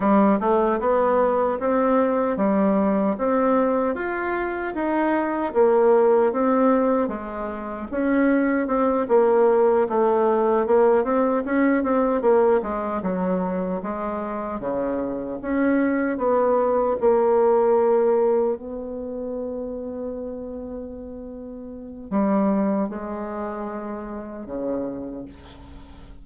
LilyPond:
\new Staff \with { instrumentName = "bassoon" } { \time 4/4 \tempo 4 = 76 g8 a8 b4 c'4 g4 | c'4 f'4 dis'4 ais4 | c'4 gis4 cis'4 c'8 ais8~ | ais8 a4 ais8 c'8 cis'8 c'8 ais8 |
gis8 fis4 gis4 cis4 cis'8~ | cis'8 b4 ais2 b8~ | b1 | g4 gis2 cis4 | }